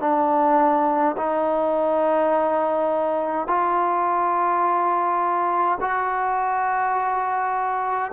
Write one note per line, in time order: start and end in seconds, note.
0.00 1.15 D4
1.17 3.47 D#4
3.47 5.78 F4
5.81 8.11 F#4